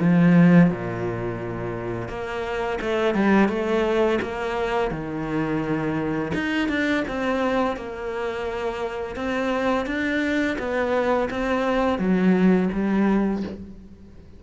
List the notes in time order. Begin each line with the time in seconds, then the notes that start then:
0.00 F3
0.71 A#2
2.09 A#3
2.81 A3
3.15 G3
3.49 A3
4.22 A#3
4.91 D#3
6.34 D#4
6.69 D4
7.08 C4
7.77 A#3
9.16 C4
9.87 D4
10.59 B3
11.31 C4
11.99 F#3
12.73 G3